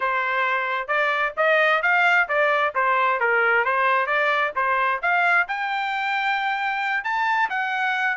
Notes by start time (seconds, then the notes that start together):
0.00 C5
0.87 D5
1.36 D#5
1.82 F5
2.28 D5
2.74 C5
3.19 A#4
3.65 C5
4.06 D5
4.55 C5
5.01 F5
5.48 G5
7.04 A5
7.49 F#5